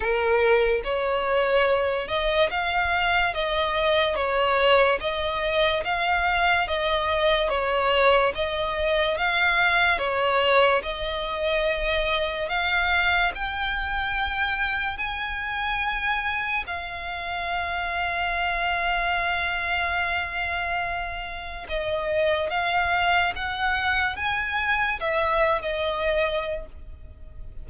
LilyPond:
\new Staff \with { instrumentName = "violin" } { \time 4/4 \tempo 4 = 72 ais'4 cis''4. dis''8 f''4 | dis''4 cis''4 dis''4 f''4 | dis''4 cis''4 dis''4 f''4 | cis''4 dis''2 f''4 |
g''2 gis''2 | f''1~ | f''2 dis''4 f''4 | fis''4 gis''4 e''8. dis''4~ dis''16 | }